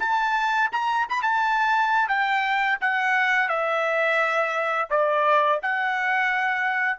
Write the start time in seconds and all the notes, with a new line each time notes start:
0.00 A5
0.72 A#5
1.09 B5
1.23 A5
2.08 G5
2.81 F#5
3.49 E5
4.90 D5
5.63 F#5